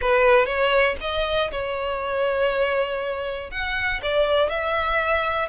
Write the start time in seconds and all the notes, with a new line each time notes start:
0.01 B4
0.45 C#5
1.00 D#5
1.51 C#5
3.50 F#5
4.02 D5
4.49 E5